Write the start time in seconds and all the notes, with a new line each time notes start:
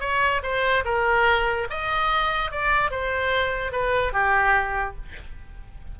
0.00 C#5
0.43 C5
0.85 A#4
1.70 D#5
2.51 D5
2.91 C5
3.72 B4
4.13 G4